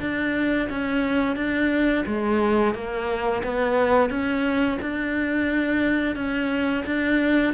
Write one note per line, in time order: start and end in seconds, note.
0.00 0.68 D4
0.70 1.36 C#4
1.36 2.04 D4
2.07 2.75 G#3
2.75 3.43 A#3
3.43 4.10 B3
4.10 4.78 C#4
4.82 6.16 D4
6.16 6.84 C#4
6.86 7.54 D4